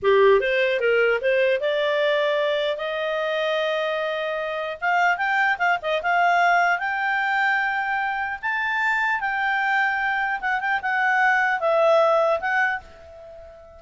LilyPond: \new Staff \with { instrumentName = "clarinet" } { \time 4/4 \tempo 4 = 150 g'4 c''4 ais'4 c''4 | d''2. dis''4~ | dis''1 | f''4 g''4 f''8 dis''8 f''4~ |
f''4 g''2.~ | g''4 a''2 g''4~ | g''2 fis''8 g''8 fis''4~ | fis''4 e''2 fis''4 | }